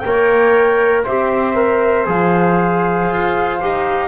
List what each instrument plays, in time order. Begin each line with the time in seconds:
0.00 double bass A#3, trombone A#4, flute G5
0.07 trumpet C#5
1.04 double bass C4, trombone G4, trumpet C5, flute E5
1.55 trombone A#4
2.06 double bass F3, trombone G#4, flute F5
3.09 double bass F4
3.61 double bass D#4, trombone G4